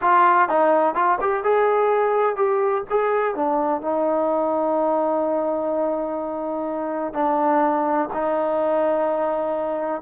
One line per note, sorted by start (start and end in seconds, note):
0.01 0.48 F4
0.48 0.95 D#4
0.95 1.18 F4
1.21 1.43 G4
1.43 2.35 G#4
2.35 2.83 G4
2.90 3.35 G#4
3.35 3.81 D4
3.81 7.13 D#4
7.13 8.09 D4
8.13 10.01 D#4